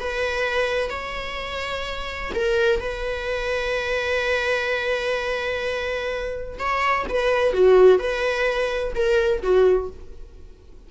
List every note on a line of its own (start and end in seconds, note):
0.00 0.90 B4
0.90 2.32 C#5
2.35 2.80 A#4
2.80 6.58 B4
6.59 7.06 C#5
7.10 7.54 B4
7.54 7.99 F#4
7.99 8.94 B4
8.95 9.43 A#4
9.43 9.90 F#4